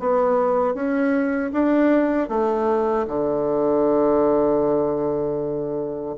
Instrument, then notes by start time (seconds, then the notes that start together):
bassoon
0.00 B3
0.75 C#4
1.53 D4
2.29 A3
3.08 D3